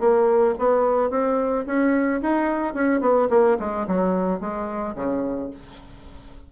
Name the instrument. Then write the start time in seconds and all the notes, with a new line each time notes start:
bassoon
0.00 A#3
0.59 B3
1.11 C4
1.66 C#4
2.22 D#4
2.74 C#4
3.01 B3
3.30 A#3
3.60 G#3
3.88 F#3
4.40 G#3
4.96 C#3